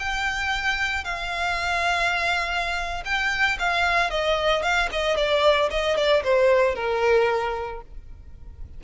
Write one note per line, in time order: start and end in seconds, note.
0.00 1.05 G5
1.05 3.04 F5
3.05 3.58 G5
3.59 4.11 F5
4.11 4.63 D#5
4.63 4.89 F5
4.92 5.17 D#5
5.17 5.70 D5
5.71 5.97 D#5
5.97 6.24 D5
6.24 6.76 C5
6.76 7.82 A#4